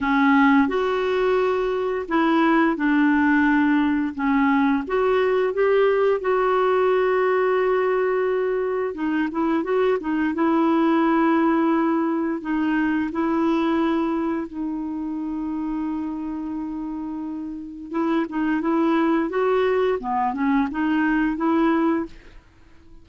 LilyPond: \new Staff \with { instrumentName = "clarinet" } { \time 4/4 \tempo 4 = 87 cis'4 fis'2 e'4 | d'2 cis'4 fis'4 | g'4 fis'2.~ | fis'4 dis'8 e'8 fis'8 dis'8 e'4~ |
e'2 dis'4 e'4~ | e'4 dis'2.~ | dis'2 e'8 dis'8 e'4 | fis'4 b8 cis'8 dis'4 e'4 | }